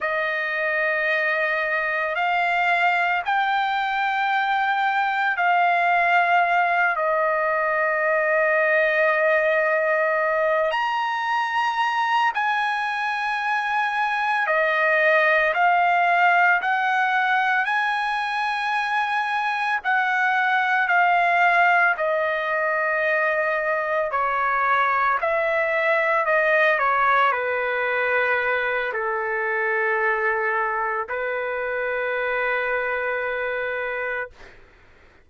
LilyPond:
\new Staff \with { instrumentName = "trumpet" } { \time 4/4 \tempo 4 = 56 dis''2 f''4 g''4~ | g''4 f''4. dis''4.~ | dis''2 ais''4. gis''8~ | gis''4. dis''4 f''4 fis''8~ |
fis''8 gis''2 fis''4 f''8~ | f''8 dis''2 cis''4 e''8~ | e''8 dis''8 cis''8 b'4. a'4~ | a'4 b'2. | }